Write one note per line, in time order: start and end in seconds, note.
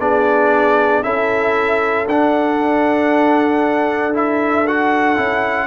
0.00 1.03 B3
0.00 1.03 D4
0.00 1.04 G#4
0.00 1.03 D5
1.03 2.07 C#4
1.03 2.07 E4
1.03 5.68 A4
1.03 2.07 E5
2.07 5.17 D4
2.07 4.14 D4
2.07 4.16 F#5
4.14 4.66 E4
4.14 4.67 E5
4.67 5.17 F#4
4.67 5.68 F#5
5.17 5.68 C#4
5.17 5.68 E4